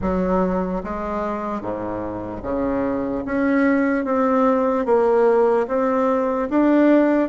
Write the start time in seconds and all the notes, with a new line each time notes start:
0.01 F#3
0.83 G#3
1.61 G#2
2.43 C#3
3.25 C#4
4.05 C4
4.85 A#3
5.67 C4
6.49 D4